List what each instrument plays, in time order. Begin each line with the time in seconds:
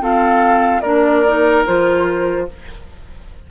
0.00 clarinet C4, bassoon F4, oboe A4, flute F5
0.81 bassoon A#3, clarinet D4, oboe A#4, flute D5
1.27 clarinet D#4
1.66 bassoon F3, clarinet F4, flute C5